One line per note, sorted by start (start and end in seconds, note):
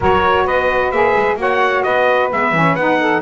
0.00 0.45 F#3
0.00 0.92 F#4
0.00 0.44 A#4
0.00 0.47 C#5
0.44 0.91 B3
0.44 1.37 B4
0.44 0.91 D#5
0.91 1.14 A#3
0.91 1.37 G#4
0.91 1.37 E5
1.15 1.36 G#3
1.36 1.82 A#3
1.36 2.29 F#4
1.36 1.84 C#5
1.36 1.83 F#5
1.83 2.31 B3
1.83 2.99 B4
1.83 2.29 D#5
2.32 2.51 G#3
2.32 2.55 B3
2.32 2.75 E5
2.51 2.74 E3
2.51 2.78 C#4
2.75 3.22 B3
2.75 3.22 D#4
2.75 3.21 F#5
3.00 3.22 A4